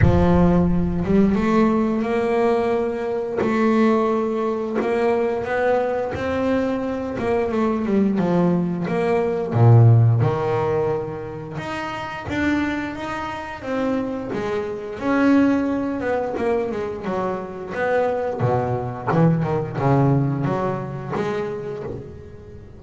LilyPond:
\new Staff \with { instrumentName = "double bass" } { \time 4/4 \tempo 4 = 88 f4. g8 a4 ais4~ | ais4 a2 ais4 | b4 c'4. ais8 a8 g8 | f4 ais4 ais,4 dis4~ |
dis4 dis'4 d'4 dis'4 | c'4 gis4 cis'4. b8 | ais8 gis8 fis4 b4 b,4 | e8 dis8 cis4 fis4 gis4 | }